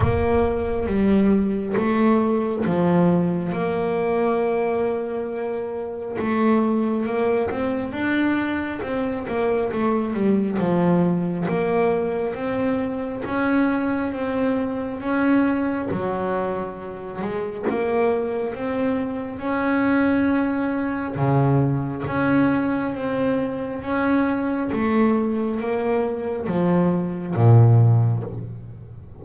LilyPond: \new Staff \with { instrumentName = "double bass" } { \time 4/4 \tempo 4 = 68 ais4 g4 a4 f4 | ais2. a4 | ais8 c'8 d'4 c'8 ais8 a8 g8 | f4 ais4 c'4 cis'4 |
c'4 cis'4 fis4. gis8 | ais4 c'4 cis'2 | cis4 cis'4 c'4 cis'4 | a4 ais4 f4 ais,4 | }